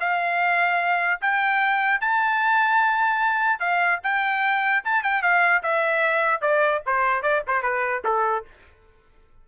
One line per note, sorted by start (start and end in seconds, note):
0.00 1.21 F5
1.21 2.01 G5
2.01 3.60 A5
3.60 4.00 F5
4.03 4.84 G5
4.85 5.03 A5
5.03 5.22 G5
5.22 5.63 F5
5.63 6.41 E5
6.41 6.82 D5
6.86 7.23 C5
7.23 7.43 D5
7.48 7.63 C5
7.63 8.03 B4
8.05 8.45 A4